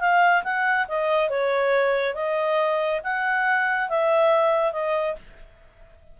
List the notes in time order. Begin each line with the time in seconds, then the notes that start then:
0.00 F5
0.44 F#5
0.88 D#5
1.30 C#5
2.15 D#5
3.04 F#5
3.89 E5
4.72 D#5